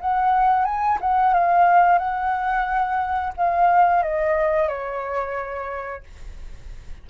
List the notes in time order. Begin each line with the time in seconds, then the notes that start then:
0.00 F#5
0.65 G#5
1.01 F#5
1.34 F5
1.98 F#5
3.36 F5
4.03 D#5
4.68 C#5